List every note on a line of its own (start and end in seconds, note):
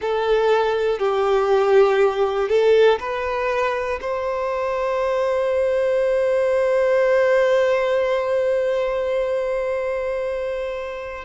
0.01 0.99 A4
0.99 2.49 G4
2.49 2.99 A4
2.99 3.99 B4
4.00 11.25 C5